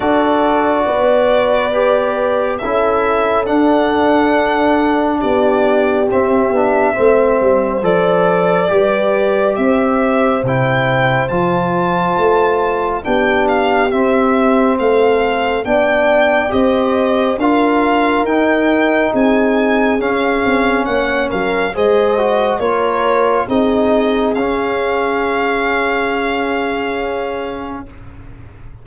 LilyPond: <<
  \new Staff \with { instrumentName = "violin" } { \time 4/4 \tempo 4 = 69 d''2. e''4 | fis''2 d''4 e''4~ | e''4 d''2 e''4 | g''4 a''2 g''8 f''8 |
e''4 f''4 g''4 dis''4 | f''4 g''4 gis''4 f''4 | fis''8 f''8 dis''4 cis''4 dis''4 | f''1 | }
  \new Staff \with { instrumentName = "horn" } { \time 4/4 a'4 b'2 a'4~ | a'2 g'2 | c''2 b'4 c''4~ | c''2. g'4~ |
g'4 a'4 d''4 c''4 | ais'2 gis'2 | cis''8 ais'8 c''4 ais'4 gis'4~ | gis'1 | }
  \new Staff \with { instrumentName = "trombone" } { \time 4/4 fis'2 g'4 e'4 | d'2. c'8 d'8 | c'4 a'4 g'2 | e'4 f'2 d'4 |
c'2 d'4 g'4 | f'4 dis'2 cis'4~ | cis'4 gis'8 fis'8 f'4 dis'4 | cis'1 | }
  \new Staff \with { instrumentName = "tuba" } { \time 4/4 d'4 b2 cis'4 | d'2 b4 c'8 b8 | a8 g8 f4 g4 c'4 | c4 f4 a4 b4 |
c'4 a4 b4 c'4 | d'4 dis'4 c'4 cis'8 c'8 | ais8 fis8 gis4 ais4 c'4 | cis'1 | }
>>